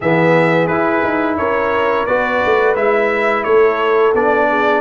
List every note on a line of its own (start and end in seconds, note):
0.00 0.68 E3
0.00 0.70 B3
0.00 1.38 G#4
0.00 0.67 E5
0.67 1.03 E4
0.67 2.08 E4
0.67 1.36 B4
1.03 1.37 D#4
1.37 2.06 C#4
1.37 2.07 A#4
1.37 2.06 C#5
2.06 2.42 B3
2.06 2.77 F#4
2.06 3.45 B4
2.06 2.75 D5
2.45 2.75 A3
2.75 3.44 G#3
2.75 4.15 E4
2.75 3.43 E5
3.43 4.13 A3
3.43 4.48 A4
3.43 4.12 C#5
4.13 4.81 B3
4.13 4.81 D4
4.13 4.81 D5
4.49 4.81 G#4